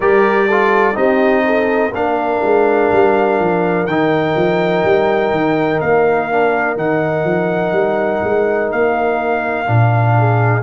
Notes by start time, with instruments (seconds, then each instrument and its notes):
0.00 tuba G3, trombone G4, horn A#4, trumpet D5
0.47 trombone F4, horn A4
0.94 tuba C4, trombone D#4, horn G4, trumpet D#5
1.45 horn A4
1.93 tuba A#3, trombone D4, horn A#4, trumpet F5
2.43 tuba G#3
2.92 tuba G3
3.39 tuba F3
3.86 tuba D#3, trombone D#4, trumpet G5
4.35 tuba F3
4.84 tuba G3
5.30 tuba D#3
5.80 tuba A#3, trumpet F5
6.30 trombone D4
6.76 tuba D#3, trombone D#4, trumpet F#5
7.24 tuba F3
7.72 tuba G3
8.23 tuba G#3
8.71 tuba A#3, trumpet F5
9.65 tuba A#2, trombone D4
10.18 horn G#4